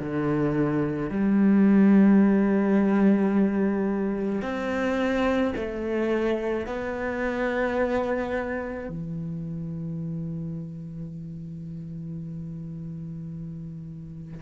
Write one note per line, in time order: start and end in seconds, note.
0.00 1.11 D3
1.11 4.42 G3
4.42 5.54 C4
5.57 6.67 A3
6.67 8.89 B3
8.89 14.42 E3